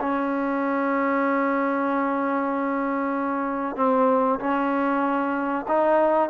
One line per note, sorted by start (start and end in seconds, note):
0.00 3.76 C#4
3.76 4.39 C4
4.39 5.66 C#4
5.68 6.30 D#4